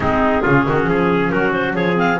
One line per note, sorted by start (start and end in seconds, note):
0.00 0.41 G#3
0.00 0.44 C4
0.00 0.42 D#4
0.00 1.30 G#4
0.42 0.67 C#3
0.42 1.94 C#4
0.42 0.64 F4
0.68 0.86 D#3
0.68 0.89 F#4
0.86 1.30 F3
0.86 1.31 G#4
1.30 1.73 F#3
1.30 1.75 F#4
1.30 1.51 A#4
1.52 1.74 C5
1.73 2.17 F3
1.73 2.19 G#4
1.73 1.96 C#5
1.94 2.16 C4
1.94 2.20 F5